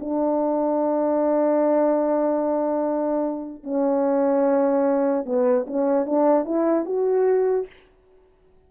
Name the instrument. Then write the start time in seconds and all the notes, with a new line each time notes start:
horn
0.00 D4
3.63 C#4
5.26 B3
5.67 C#4
6.06 D4
6.45 E4
6.86 F#4